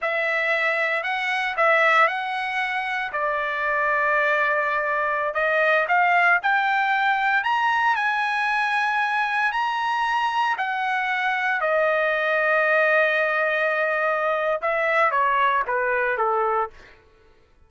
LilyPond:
\new Staff \with { instrumentName = "trumpet" } { \time 4/4 \tempo 4 = 115 e''2 fis''4 e''4 | fis''2 d''2~ | d''2~ d''16 dis''4 f''8.~ | f''16 g''2 ais''4 gis''8.~ |
gis''2~ gis''16 ais''4.~ ais''16~ | ais''16 fis''2 dis''4.~ dis''16~ | dis''1 | e''4 cis''4 b'4 a'4 | }